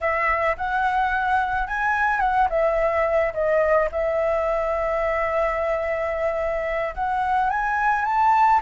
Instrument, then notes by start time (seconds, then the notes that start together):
flute
0.00 E5
0.57 F#5
1.67 G#5
2.20 F#5
2.49 E5
3.33 D#5
3.91 E5
6.94 F#5
7.49 G#5
8.05 A5